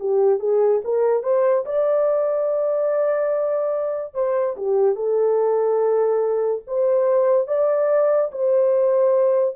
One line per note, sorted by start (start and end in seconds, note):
0.00 0.40 G4
0.40 0.81 G#4
0.84 1.23 A#4
1.23 1.65 C5
1.66 4.14 D5
4.14 4.56 C5
4.57 4.96 G4
4.96 6.62 A4
6.67 7.48 C5
7.48 8.31 D5
8.32 9.56 C5